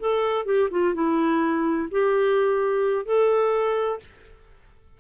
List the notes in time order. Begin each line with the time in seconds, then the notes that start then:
0.00 A4
0.46 G4
0.71 F4
0.94 E4
1.91 G4
3.06 A4